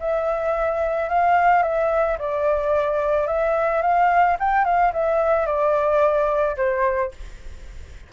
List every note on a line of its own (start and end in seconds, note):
0.00 1.09 E5
1.09 1.63 F5
1.63 2.18 E5
2.19 3.27 D5
3.27 3.82 E5
3.82 4.37 F5
4.40 4.65 G5
4.65 4.92 F5
4.93 5.46 E5
5.46 6.57 D5
6.57 7.12 C5